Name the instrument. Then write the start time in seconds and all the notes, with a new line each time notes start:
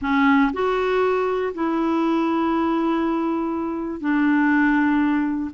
clarinet
0.01 C#4
0.53 F#4
1.54 E4
4.00 D4